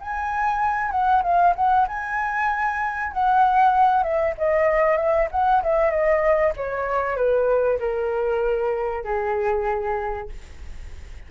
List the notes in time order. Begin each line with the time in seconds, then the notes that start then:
0.00 G#5
0.91 F#5
1.23 F5
1.55 F#5
1.87 G#5
3.12 F#5
4.03 E5
4.37 D#5
4.97 E5
5.31 F#5
5.62 E5
5.90 D#5
6.56 C#5
7.16 B4
7.79 A#4
9.03 G#4